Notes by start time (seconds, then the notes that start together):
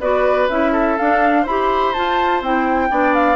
0.00 B3 F#4 B4 D5
0.49 C#4 E4 E5
0.73 A4
0.97 D4 F5
1.42 E4 G4 C5 B5
1.94 F4 A5
2.42 C4 E4 G5
2.90 B3 D4 D5
3.15 F5